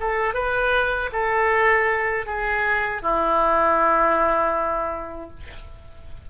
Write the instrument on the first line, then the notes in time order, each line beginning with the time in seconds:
oboe
0.00 A4
0.34 B4
1.13 A4
2.26 G#4
3.02 E4